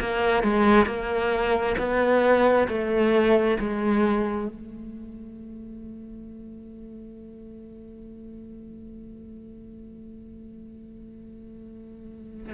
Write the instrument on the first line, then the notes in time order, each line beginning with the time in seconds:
cello
0.00 A#3
0.43 G#3
0.86 A#3
1.78 B3
2.68 A3
3.59 G#3
4.48 A3